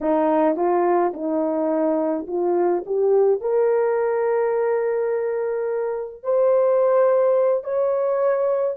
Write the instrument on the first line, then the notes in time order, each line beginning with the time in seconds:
horn
0.01 D#4
0.56 F4
1.13 D#4
2.27 F4
2.86 G4
3.40 A#4
6.23 C5
7.64 C#5